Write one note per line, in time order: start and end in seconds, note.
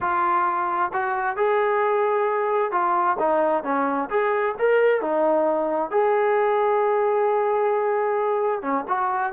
0.00 0.91 F4
0.93 1.36 F#4
1.36 2.71 G#4
2.71 3.17 F4
3.19 3.63 D#4
3.63 4.09 C#4
4.10 4.55 G#4
4.58 5.01 A#4
5.01 5.90 D#4
5.90 8.62 G#4
8.62 8.85 C#4
8.88 9.33 F#4